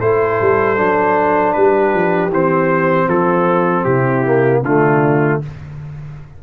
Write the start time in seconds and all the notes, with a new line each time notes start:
0.00 A3 E4 A4 C5
0.40 G3
0.76 F#3 D4
1.53 G3 G4 B4
1.94 F3
2.30 E3 C4 C5
3.07 F3 F4 A4
3.83 C3 E4 G4
4.25 A#3
4.62 D3 A3 D4 F4